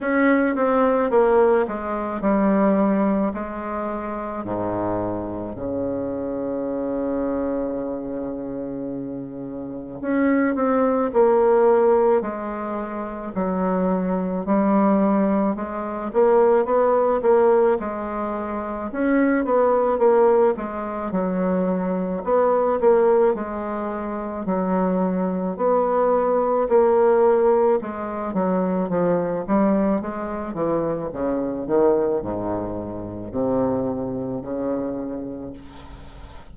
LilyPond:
\new Staff \with { instrumentName = "bassoon" } { \time 4/4 \tempo 4 = 54 cis'8 c'8 ais8 gis8 g4 gis4 | gis,4 cis2.~ | cis4 cis'8 c'8 ais4 gis4 | fis4 g4 gis8 ais8 b8 ais8 |
gis4 cis'8 b8 ais8 gis8 fis4 | b8 ais8 gis4 fis4 b4 | ais4 gis8 fis8 f8 g8 gis8 e8 | cis8 dis8 gis,4 c4 cis4 | }